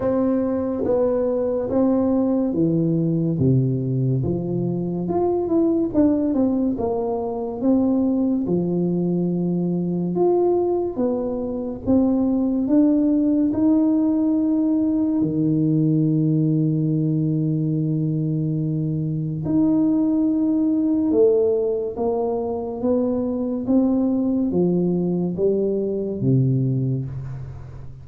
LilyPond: \new Staff \with { instrumentName = "tuba" } { \time 4/4 \tempo 4 = 71 c'4 b4 c'4 e4 | c4 f4 f'8 e'8 d'8 c'8 | ais4 c'4 f2 | f'4 b4 c'4 d'4 |
dis'2 dis2~ | dis2. dis'4~ | dis'4 a4 ais4 b4 | c'4 f4 g4 c4 | }